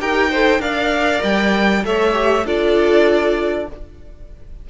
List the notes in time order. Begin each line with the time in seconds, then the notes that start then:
0.00 D#4 G4 A#4 G5
0.31 A4 C5
0.60 D4 A#4 D5 F5
1.23 G3 G5
1.84 A3 A4 C#5 E5
2.13 G4
2.45 D4 F4 A4 D5